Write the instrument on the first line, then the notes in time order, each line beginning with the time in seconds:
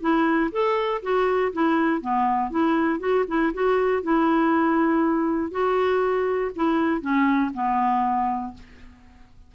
clarinet
0.00 E4
0.51 A4
1.02 F#4
1.52 E4
2.01 B3
2.50 E4
3.00 F#4
3.27 E4
3.53 F#4
4.02 E4
5.51 F#4
6.55 E4
7.01 C#4
7.54 B3